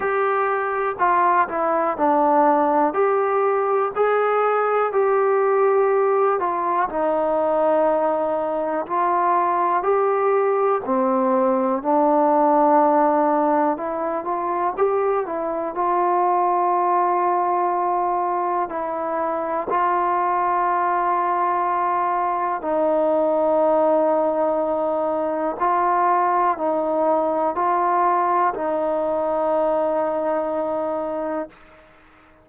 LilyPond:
\new Staff \with { instrumentName = "trombone" } { \time 4/4 \tempo 4 = 61 g'4 f'8 e'8 d'4 g'4 | gis'4 g'4. f'8 dis'4~ | dis'4 f'4 g'4 c'4 | d'2 e'8 f'8 g'8 e'8 |
f'2. e'4 | f'2. dis'4~ | dis'2 f'4 dis'4 | f'4 dis'2. | }